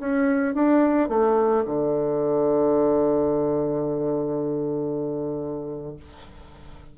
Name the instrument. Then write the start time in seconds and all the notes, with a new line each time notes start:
bassoon
0.00 C#4
0.55 D4
1.09 A3
1.66 D3